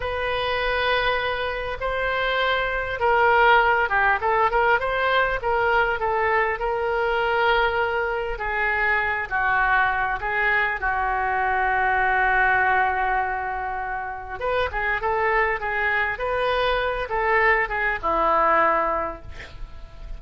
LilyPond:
\new Staff \with { instrumentName = "oboe" } { \time 4/4 \tempo 4 = 100 b'2. c''4~ | c''4 ais'4. g'8 a'8 ais'8 | c''4 ais'4 a'4 ais'4~ | ais'2 gis'4. fis'8~ |
fis'4 gis'4 fis'2~ | fis'1 | b'8 gis'8 a'4 gis'4 b'4~ | b'8 a'4 gis'8 e'2 | }